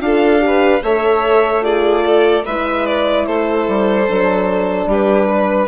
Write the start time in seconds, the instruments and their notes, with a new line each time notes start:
0.00 bassoon D4, horn F4, violin A4 F5
0.39 horn G4
0.46 violin B4
0.82 bassoon A3, horn A4, violin C#5 E5
1.62 horn F4, violin G#4 D5
2.05 violin A4
2.45 bassoon G#3, horn E4, violin B4 E5
2.86 violin D5
3.26 bassoon A3, violin A4 C5
3.68 bassoon G3
4.07 bassoon F#3, horn D4
4.86 bassoon G3, violin G4 B4
5.29 violin B4